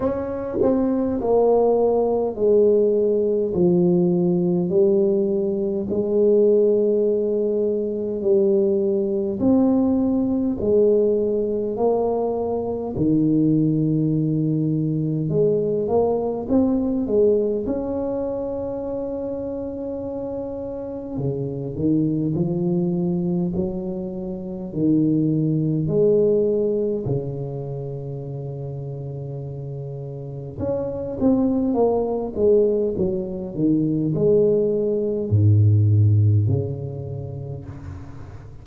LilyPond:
\new Staff \with { instrumentName = "tuba" } { \time 4/4 \tempo 4 = 51 cis'8 c'8 ais4 gis4 f4 | g4 gis2 g4 | c'4 gis4 ais4 dis4~ | dis4 gis8 ais8 c'8 gis8 cis'4~ |
cis'2 cis8 dis8 f4 | fis4 dis4 gis4 cis4~ | cis2 cis'8 c'8 ais8 gis8 | fis8 dis8 gis4 gis,4 cis4 | }